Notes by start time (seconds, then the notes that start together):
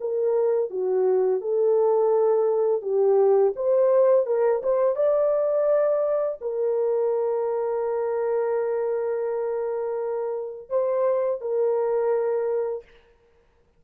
0.00 A#4
0.70 F#4
1.41 A4
2.81 G4
3.56 C5
4.26 A#4
4.63 C5
4.95 D5
6.41 A#4
10.69 C5
11.41 A#4